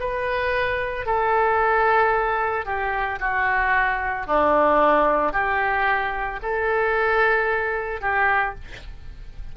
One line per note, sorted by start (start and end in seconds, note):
0.00 1.06 B4
1.06 2.65 A4
2.65 3.19 G4
3.20 4.27 F#4
4.27 5.33 D4
5.33 6.40 G4
6.42 8.01 A4
8.01 8.55 G4